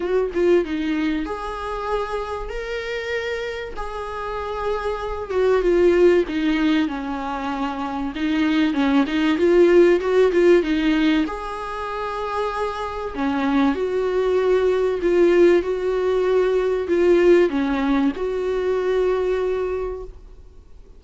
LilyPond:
\new Staff \with { instrumentName = "viola" } { \time 4/4 \tempo 4 = 96 fis'8 f'8 dis'4 gis'2 | ais'2 gis'2~ | gis'8 fis'8 f'4 dis'4 cis'4~ | cis'4 dis'4 cis'8 dis'8 f'4 |
fis'8 f'8 dis'4 gis'2~ | gis'4 cis'4 fis'2 | f'4 fis'2 f'4 | cis'4 fis'2. | }